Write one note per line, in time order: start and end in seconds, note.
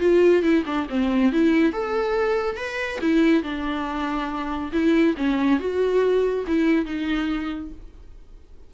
0.00 0.43 F4
0.43 0.64 E4
0.66 0.87 D4
0.90 1.32 C4
1.32 1.73 E4
1.73 2.57 A4
2.57 2.99 B4
3.01 3.43 E4
3.43 4.72 D4
4.72 5.15 E4
5.17 5.59 C#4
5.59 6.45 F#4
6.47 6.86 E4
6.86 7.71 D#4